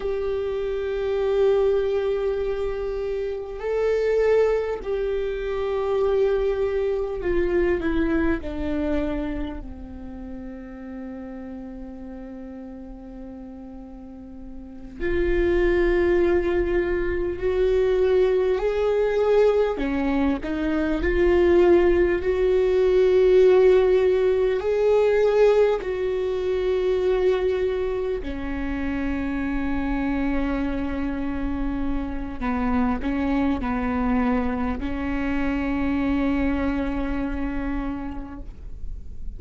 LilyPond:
\new Staff \with { instrumentName = "viola" } { \time 4/4 \tempo 4 = 50 g'2. a'4 | g'2 f'8 e'8 d'4 | c'1~ | c'8 f'2 fis'4 gis'8~ |
gis'8 cis'8 dis'8 f'4 fis'4.~ | fis'8 gis'4 fis'2 cis'8~ | cis'2. b8 cis'8 | b4 cis'2. | }